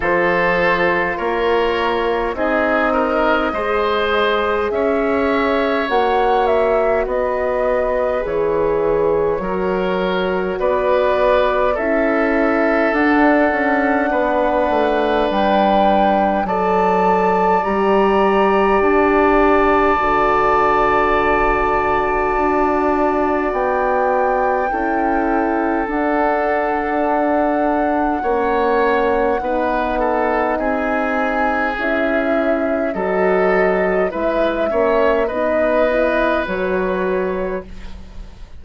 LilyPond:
<<
  \new Staff \with { instrumentName = "flute" } { \time 4/4 \tempo 4 = 51 c''4 cis''4 dis''2 | e''4 fis''8 e''8 dis''4 cis''4~ | cis''4 d''4 e''4 fis''4~ | fis''4 g''4 a''4 ais''4 |
a''1 | g''2 fis''2~ | fis''2 gis''4 e''4 | dis''4 e''4 dis''4 cis''4 | }
  \new Staff \with { instrumentName = "oboe" } { \time 4/4 a'4 ais'4 gis'8 ais'8 c''4 | cis''2 b'2 | ais'4 b'4 a'2 | b'2 d''2~ |
d''1~ | d''4 a'2. | cis''4 b'8 a'8 gis'2 | a'4 b'8 cis''8 b'2 | }
  \new Staff \with { instrumentName = "horn" } { \time 4/4 f'2 dis'4 gis'4~ | gis'4 fis'2 gis'4 | fis'2 e'4 d'4~ | d'2 a'4 g'4~ |
g'4 fis'2.~ | fis'4 e'4 d'2 | cis'4 dis'2 e'4 | fis'4 e'8 cis'8 dis'8 e'8 fis'4 | }
  \new Staff \with { instrumentName = "bassoon" } { \time 4/4 f4 ais4 c'4 gis4 | cis'4 ais4 b4 e4 | fis4 b4 cis'4 d'8 cis'8 | b8 a8 g4 fis4 g4 |
d'4 d2 d'4 | b4 cis'4 d'2 | ais4 b4 c'4 cis'4 | fis4 gis8 ais8 b4 fis4 | }
>>